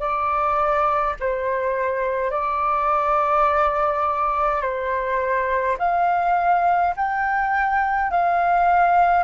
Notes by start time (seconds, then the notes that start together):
0.00 D5
1.20 C5
2.31 D5
4.62 C5
5.80 F5
6.97 G5
8.11 F5